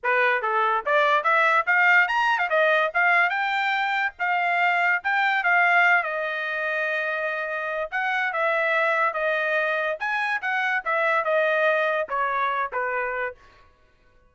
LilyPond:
\new Staff \with { instrumentName = "trumpet" } { \time 4/4 \tempo 4 = 144 b'4 a'4 d''4 e''4 | f''4 ais''8. f''16 dis''4 f''4 | g''2 f''2 | g''4 f''4. dis''4.~ |
dis''2. fis''4 | e''2 dis''2 | gis''4 fis''4 e''4 dis''4~ | dis''4 cis''4. b'4. | }